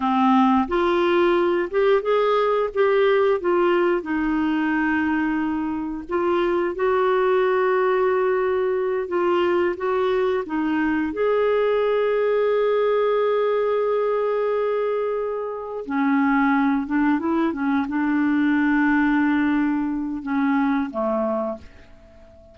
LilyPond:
\new Staff \with { instrumentName = "clarinet" } { \time 4/4 \tempo 4 = 89 c'4 f'4. g'8 gis'4 | g'4 f'4 dis'2~ | dis'4 f'4 fis'2~ | fis'4. f'4 fis'4 dis'8~ |
dis'8 gis'2.~ gis'8~ | gis'2.~ gis'8 cis'8~ | cis'4 d'8 e'8 cis'8 d'4.~ | d'2 cis'4 a4 | }